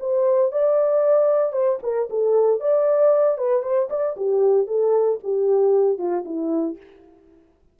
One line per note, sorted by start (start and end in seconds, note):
0.00 0.52 C5
0.52 1.53 D5
1.53 1.79 C5
1.83 2.09 A#4
2.10 2.60 A4
2.60 3.38 D5
3.38 3.63 B4
3.63 3.89 C5
3.90 4.16 D5
4.16 4.67 G4
4.67 5.19 A4
5.23 5.98 G4
5.98 6.24 F4
6.25 6.77 E4